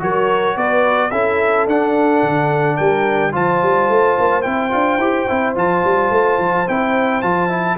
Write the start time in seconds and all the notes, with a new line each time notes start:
0.00 F#3 F#4 A#4 C#5
0.57 B3 B4 D5
1.11 C#4 E4 A4 E5
1.67 D4 F#5
2.23 D3
2.77 G3 A#4 G5
3.32 F3 F4 C5 A5
3.62 G3
3.90 A3
4.20 A#3
4.42 C4 E4 G5
4.71 D4 F4
4.98 E4 G4
5.28 C4 E4
5.56 F3 F4 A5
5.84 G3
6.11 A3
6.39 F3
6.67 C4 E4 G5
7.22 F3 F4 A5
7.50 E4